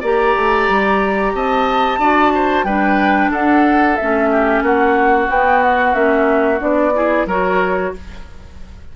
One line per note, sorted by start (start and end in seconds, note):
0.00 0.35 A#3
0.00 2.00 G4
0.00 1.32 D5
0.00 1.35 A#5
0.35 0.68 A3
0.68 1.33 G3
1.33 1.98 C4
1.33 1.99 D#5
1.33 2.64 A5
1.98 2.63 D4
1.98 2.66 F#4
1.98 2.32 D5
2.34 2.65 C5
2.63 3.29 G3
2.63 3.99 D4
2.63 3.31 B4
2.63 3.30 G5
3.31 3.97 D4
3.31 4.30 A4
3.31 3.96 F#5
3.96 4.62 A3
3.96 5.30 C#4
3.96 4.62 E5
4.31 4.63 G4
4.62 5.27 A#3
4.62 6.94 F#4
4.62 5.30 F#5
5.28 5.94 B3
5.28 5.93 B3
5.28 5.63 G5
5.63 5.94 F#5
5.93 6.60 A#3
5.93 6.58 C#4
5.93 6.60 E5
6.58 7.25 B3
6.58 6.91 D4
6.58 7.27 D5
6.94 7.27 E4
6.94 7.27 G#4
7.25 7.91 F#3
7.25 7.95 F#4
7.25 7.93 A#4
7.25 7.94 C#5